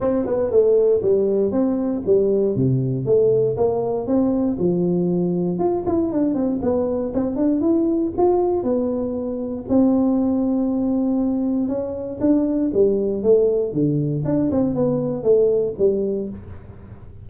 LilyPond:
\new Staff \with { instrumentName = "tuba" } { \time 4/4 \tempo 4 = 118 c'8 b8 a4 g4 c'4 | g4 c4 a4 ais4 | c'4 f2 f'8 e'8 | d'8 c'8 b4 c'8 d'8 e'4 |
f'4 b2 c'4~ | c'2. cis'4 | d'4 g4 a4 d4 | d'8 c'8 b4 a4 g4 | }